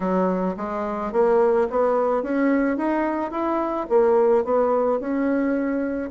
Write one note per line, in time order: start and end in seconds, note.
0.00 0.55 F#3
0.56 1.12 G#3
1.12 1.67 A#3
1.70 2.22 B3
2.22 2.77 C#4
2.77 3.31 D#4
3.31 3.86 E4
3.89 4.44 A#3
4.44 4.99 B3
4.99 6.10 C#4